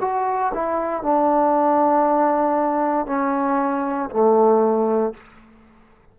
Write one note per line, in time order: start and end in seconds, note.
0.00 0.52 F#4
0.53 1.02 E4
1.02 3.06 D4
3.06 4.09 C#4
4.10 5.13 A3